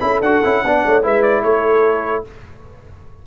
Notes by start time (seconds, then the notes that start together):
0.00 C#4 E4 A4 B5
0.21 D4 F#4 F#5
0.44 C#4 E4
0.64 B3 D4 D5
0.86 A3 C#5
1.03 G#3 E4 B4 E5
1.22 D5
1.43 A3 A4 C#5